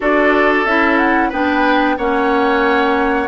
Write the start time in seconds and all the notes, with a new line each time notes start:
0.00 D4 F#4 A4 D5
0.65 C#4 E4 E5
0.97 F#5
1.29 B3 D4 B4 G5
1.97 A#3 C#4 C#5 F#5